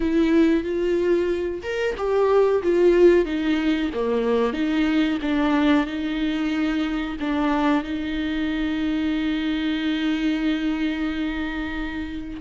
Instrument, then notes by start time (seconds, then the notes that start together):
viola
0.00 E4
0.63 F4
1.62 A#4
1.97 G4
2.63 F4
3.25 D#4
3.93 A#3
4.53 D#4
5.21 D4
5.86 D#4
7.20 D4
7.83 D#4